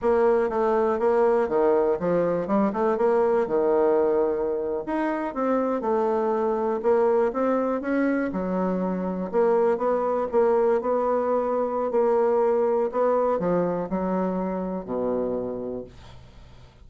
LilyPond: \new Staff \with { instrumentName = "bassoon" } { \time 4/4 \tempo 4 = 121 ais4 a4 ais4 dis4 | f4 g8 a8 ais4 dis4~ | dis4.~ dis16 dis'4 c'4 a16~ | a4.~ a16 ais4 c'4 cis'16~ |
cis'8. fis2 ais4 b16~ | b8. ais4 b2~ b16 | ais2 b4 f4 | fis2 b,2 | }